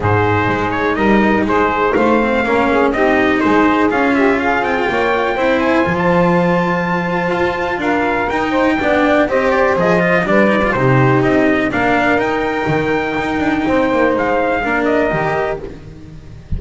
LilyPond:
<<
  \new Staff \with { instrumentName = "trumpet" } { \time 4/4 \tempo 4 = 123 c''4. cis''8 dis''4 c''4 | f''2 dis''4 c''4 | f''8 e''8 f''8 g''2 gis''8~ | gis''16 a''2.~ a''8. |
f''4 g''2 dis''8 d''8 | dis''4 d''4 c''4 dis''4 | f''4 g''2.~ | g''4 f''4. dis''4. | }
  \new Staff \with { instrumentName = "saxophone" } { \time 4/4 gis'2 ais'4 gis'4 | c''4 ais'8 gis'8 g'4 gis'4~ | gis'8 g'8 gis'4 cis''4 c''4~ | c''1 |
ais'4. c''8 d''4 c''4~ | c''4 b'4 g'2 | ais'1 | c''2 ais'2 | }
  \new Staff \with { instrumentName = "cello" } { \time 4/4 dis'1~ | dis'8 c'8 cis'4 dis'2 | f'2. e'4 | f'1~ |
f'4 dis'4 d'4 g'4 | gis'8 f'8 d'8 dis'16 f'16 dis'2 | d'4 dis'2.~ | dis'2 d'4 g'4 | }
  \new Staff \with { instrumentName = "double bass" } { \time 4/4 gis,4 gis4 g4 gis4 | a4 ais4 c'4 gis4 | cis'4. c'8 ais4 c'4 | f2. f'4 |
d'4 dis'4 b4 c'4 | f4 g4 c4 c'4 | ais4 dis'4 dis4 dis'8 d'8 | c'8 ais8 gis4 ais4 dis4 | }
>>